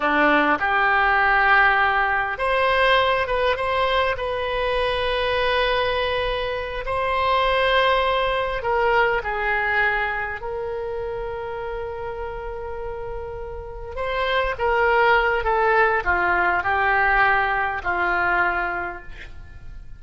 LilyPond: \new Staff \with { instrumentName = "oboe" } { \time 4/4 \tempo 4 = 101 d'4 g'2. | c''4. b'8 c''4 b'4~ | b'2.~ b'8 c''8~ | c''2~ c''8 ais'4 gis'8~ |
gis'4. ais'2~ ais'8~ | ais'2.~ ais'8 c''8~ | c''8 ais'4. a'4 f'4 | g'2 f'2 | }